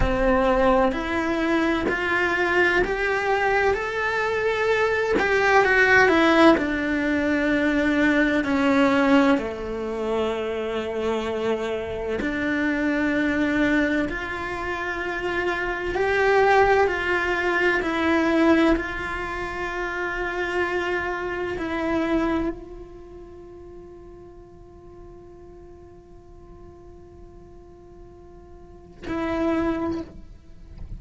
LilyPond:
\new Staff \with { instrumentName = "cello" } { \time 4/4 \tempo 4 = 64 c'4 e'4 f'4 g'4 | a'4. g'8 fis'8 e'8 d'4~ | d'4 cis'4 a2~ | a4 d'2 f'4~ |
f'4 g'4 f'4 e'4 | f'2. e'4 | f'1~ | f'2. e'4 | }